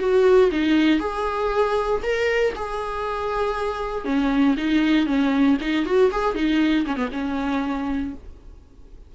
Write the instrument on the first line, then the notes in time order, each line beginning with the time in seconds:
viola
0.00 F#4
0.52 D#4
1.00 G#4
2.03 A#4
2.56 G#4
4.05 C#4
4.58 D#4
5.07 C#4
5.61 D#4
5.86 F#4
6.12 G#4
6.35 D#4
6.86 C#4
6.97 B3
7.13 C#4